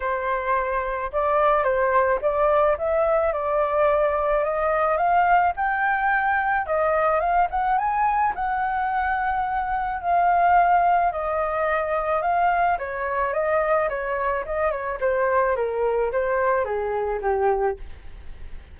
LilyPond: \new Staff \with { instrumentName = "flute" } { \time 4/4 \tempo 4 = 108 c''2 d''4 c''4 | d''4 e''4 d''2 | dis''4 f''4 g''2 | dis''4 f''8 fis''8 gis''4 fis''4~ |
fis''2 f''2 | dis''2 f''4 cis''4 | dis''4 cis''4 dis''8 cis''8 c''4 | ais'4 c''4 gis'4 g'4 | }